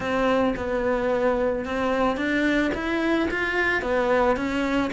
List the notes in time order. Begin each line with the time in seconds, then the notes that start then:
0.00 C4
0.56 B3
1.65 C4
2.17 D4
2.74 E4
3.30 F4
3.82 B3
4.36 C#4